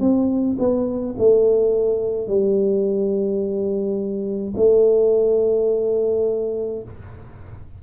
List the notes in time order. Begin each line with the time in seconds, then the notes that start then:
0.00 C4
0.58 B3
1.18 A3
2.27 G3
4.56 A3